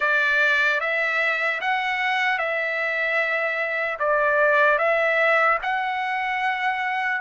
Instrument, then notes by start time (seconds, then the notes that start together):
trumpet
0.00 D5
0.80 E5
1.60 F#5
2.38 E5
3.99 D5
4.78 E5
5.62 F#5